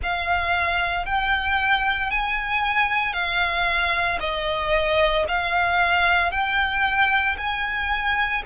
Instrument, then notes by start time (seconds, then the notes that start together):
violin
0.02 F5
1.05 G5
2.11 G#5
3.13 F5
4.20 D#5
5.27 F5
6.31 G5
7.37 G#5